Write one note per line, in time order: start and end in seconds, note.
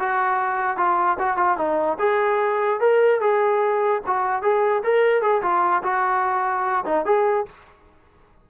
0.00 0.77 F#4
0.77 1.18 F4
1.20 1.37 F#4
1.37 1.58 F4
1.58 1.98 D#4
2.00 2.81 G#4
2.81 3.21 A#4
3.21 4.02 G#4
4.07 4.43 F#4
4.43 4.83 G#4
4.84 5.22 A#4
5.22 5.43 G#4
5.43 5.83 F4
5.84 6.85 F#4
6.86 7.06 D#4
7.06 7.46 G#4